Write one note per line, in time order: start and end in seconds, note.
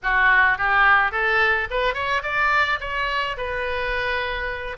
0.02 0.58 F#4
0.58 1.11 G4
1.11 1.67 A4
1.70 1.93 B4
1.93 2.21 C#5
2.23 2.79 D5
2.80 3.36 C#5
3.37 4.77 B4